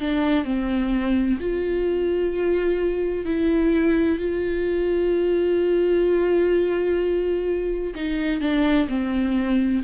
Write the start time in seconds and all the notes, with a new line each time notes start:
0.00 D4
0.45 C4
1.40 F4
3.25 E4
4.19 F4
7.95 D#4
8.41 D4
8.88 C4